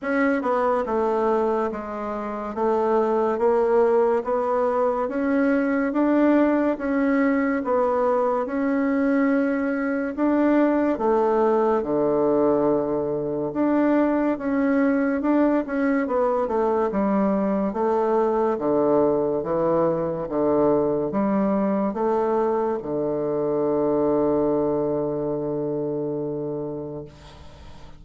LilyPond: \new Staff \with { instrumentName = "bassoon" } { \time 4/4 \tempo 4 = 71 cis'8 b8 a4 gis4 a4 | ais4 b4 cis'4 d'4 | cis'4 b4 cis'2 | d'4 a4 d2 |
d'4 cis'4 d'8 cis'8 b8 a8 | g4 a4 d4 e4 | d4 g4 a4 d4~ | d1 | }